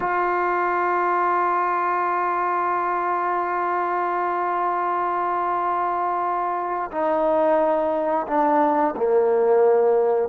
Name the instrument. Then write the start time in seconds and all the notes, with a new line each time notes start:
trombone
0.00 F4
6.91 D#4
8.27 D4
8.96 A#3